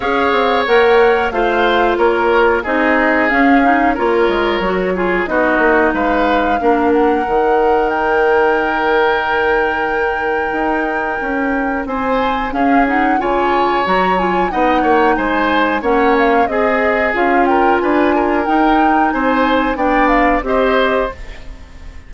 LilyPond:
<<
  \new Staff \with { instrumentName = "flute" } { \time 4/4 \tempo 4 = 91 f''4 fis''4 f''4 cis''4 | dis''4 f''4 cis''2 | dis''4 f''4. fis''4. | g''1~ |
g''2 gis''4 f''8 fis''8 | gis''4 ais''8 gis''8 fis''4 gis''4 | fis''8 f''8 dis''4 f''8 g''8 gis''4 | g''4 gis''4 g''8 f''8 dis''4 | }
  \new Staff \with { instrumentName = "oboe" } { \time 4/4 cis''2 c''4 ais'4 | gis'2 ais'4. gis'8 | fis'4 b'4 ais'2~ | ais'1~ |
ais'2 c''4 gis'4 | cis''2 dis''8 cis''8 c''4 | cis''4 gis'4. ais'8 b'8 ais'8~ | ais'4 c''4 d''4 c''4 | }
  \new Staff \with { instrumentName = "clarinet" } { \time 4/4 gis'4 ais'4 f'2 | dis'4 cis'8 dis'8 f'4 fis'8 f'8 | dis'2 d'4 dis'4~ | dis'1~ |
dis'2. cis'8 dis'8 | f'4 fis'8 f'8 dis'2 | cis'4 gis'4 f'2 | dis'2 d'4 g'4 | }
  \new Staff \with { instrumentName = "bassoon" } { \time 4/4 cis'8 c'8 ais4 a4 ais4 | c'4 cis'4 ais8 gis8 fis4 | b8 ais8 gis4 ais4 dis4~ | dis1 |
dis'4 cis'4 c'4 cis'4 | cis4 fis4 b8 ais8 gis4 | ais4 c'4 cis'4 d'4 | dis'4 c'4 b4 c'4 | }
>>